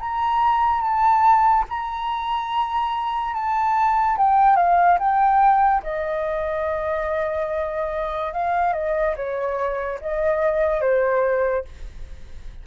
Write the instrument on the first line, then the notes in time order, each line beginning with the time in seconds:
flute
0.00 A#5
0.81 A5
1.70 A#5
3.34 A5
4.17 G5
4.56 F5
4.99 G5
5.83 D#5
8.33 F5
8.73 D#5
9.16 C#5
10.01 D#5
10.81 C5